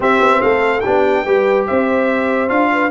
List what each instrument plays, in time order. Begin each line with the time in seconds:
0.00 tuba C4, trombone C4, horn G4, trumpet E5
0.21 tuba B3
0.41 tuba A3, horn A4, trumpet F5
0.80 tuba B3, trombone D4, horn G4, trumpet G5
1.24 tuba G3, trombone G4, horn B4
1.66 tuba C4, horn C5, trumpet E5
2.48 tuba D4, trombone F4, trumpet F5
2.72 horn B4